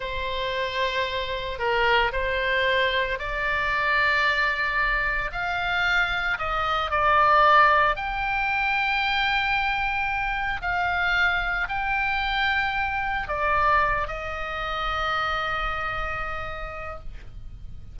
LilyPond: \new Staff \with { instrumentName = "oboe" } { \time 4/4 \tempo 4 = 113 c''2. ais'4 | c''2 d''2~ | d''2 f''2 | dis''4 d''2 g''4~ |
g''1 | f''2 g''2~ | g''4 d''4. dis''4.~ | dis''1 | }